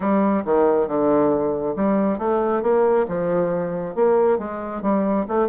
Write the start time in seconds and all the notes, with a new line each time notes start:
0.00 G3
0.45 D#3
0.87 D3
1.76 G3
2.18 A3
2.62 A#3
3.08 F3
3.95 A#3
4.38 G#3
4.82 G3
5.28 A3